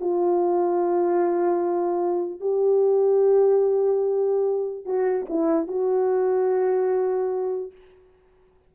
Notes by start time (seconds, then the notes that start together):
0.00 F4
2.40 G4
4.85 F#4
5.29 E4
5.67 F#4